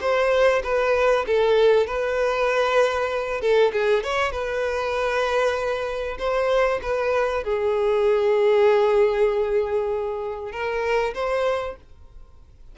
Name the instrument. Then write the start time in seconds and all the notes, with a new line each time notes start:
violin
0.00 C5
0.63 B4
1.26 A4
1.86 B4
3.40 A4
3.72 G#4
4.03 C#5
4.31 B4
6.18 C5
6.82 B4
7.43 G#4
10.52 A#4
11.14 C5